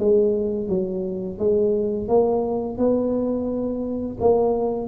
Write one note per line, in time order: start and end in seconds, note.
0.00 0.69 G#3
0.69 1.39 F#3
1.39 2.09 G#3
2.09 2.78 A#3
2.78 4.18 B3
4.21 4.88 A#3